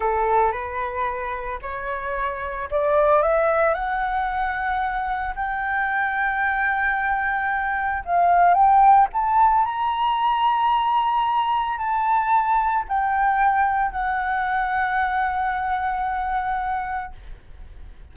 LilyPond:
\new Staff \with { instrumentName = "flute" } { \time 4/4 \tempo 4 = 112 a'4 b'2 cis''4~ | cis''4 d''4 e''4 fis''4~ | fis''2 g''2~ | g''2. f''4 |
g''4 a''4 ais''2~ | ais''2 a''2 | g''2 fis''2~ | fis''1 | }